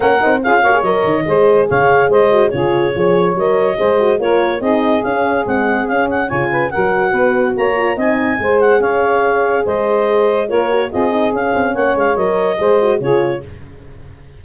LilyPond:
<<
  \new Staff \with { instrumentName = "clarinet" } { \time 4/4 \tempo 4 = 143 fis''4 f''4 dis''2 | f''4 dis''4 cis''2 | dis''2 cis''4 dis''4 | f''4 fis''4 f''8 fis''8 gis''4 |
fis''2 ais''4 gis''4~ | gis''8 fis''8 f''2 dis''4~ | dis''4 cis''4 dis''4 f''4 | fis''8 f''8 dis''2 cis''4 | }
  \new Staff \with { instrumentName = "saxophone" } { \time 4/4 ais'4 gis'8 cis''4. c''4 | cis''4 c''4 gis'4 cis''4~ | cis''4 c''4 ais'4 gis'4~ | gis'2. cis''8 b'8 |
ais'4 b'4 cis''4 dis''4 | c''4 cis''2 c''4~ | c''4 ais'4 gis'2 | cis''2 c''4 gis'4 | }
  \new Staff \with { instrumentName = "horn" } { \time 4/4 cis'8 dis'8 f'8 fis'16 gis'16 ais'4 gis'4~ | gis'4. fis'8 f'4 gis'4 | ais'4 gis'8 fis'8 f'4 dis'4 | cis'4 gis4 cis'4 f'4 |
fis'2~ fis'8 f'8 dis'4 | gis'1~ | gis'4 f'8 fis'8 f'8 dis'8 cis'4~ | cis'4 ais'4 gis'8 fis'8 f'4 | }
  \new Staff \with { instrumentName = "tuba" } { \time 4/4 ais8 c'8 cis'8 ais8 fis8 dis8 gis4 | cis4 gis4 cis4 f4 | fis4 gis4 ais4 c'4 | cis'4 c'4 cis'4 cis4 |
fis4 b4 ais4 c'4 | gis4 cis'2 gis4~ | gis4 ais4 c'4 cis'8 c'8 | ais8 gis8 fis4 gis4 cis4 | }
>>